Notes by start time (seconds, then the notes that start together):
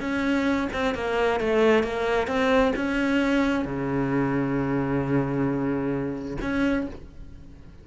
0.00 C#4
0.73 C4
0.95 A#3
1.40 A3
1.83 A#3
2.27 C4
2.76 C#4
3.65 C#3
6.42 C#4